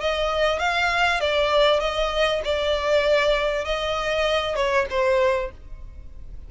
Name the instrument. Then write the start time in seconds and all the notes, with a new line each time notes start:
violin
0.00 D#5
0.59 F5
1.20 D5
1.80 D#5
2.44 D5
3.65 D#5
4.55 C#5
4.90 C5